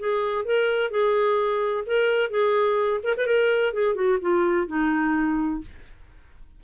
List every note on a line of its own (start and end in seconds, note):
0.00 0.46 G#4
0.46 0.91 A#4
0.91 1.85 G#4
1.87 2.31 A#4
2.31 3.01 G#4
3.04 3.16 A#4
3.18 3.27 B4
3.27 3.74 A#4
3.74 3.95 G#4
3.95 4.19 F#4
4.21 4.68 F4
4.68 5.62 D#4